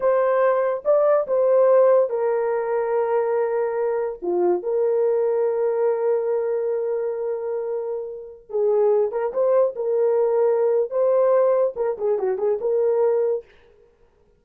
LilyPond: \new Staff \with { instrumentName = "horn" } { \time 4/4 \tempo 4 = 143 c''2 d''4 c''4~ | c''4 ais'2.~ | ais'2 f'4 ais'4~ | ais'1~ |
ais'1~ | ais'16 gis'4. ais'8 c''4 ais'8.~ | ais'2 c''2 | ais'8 gis'8 fis'8 gis'8 ais'2 | }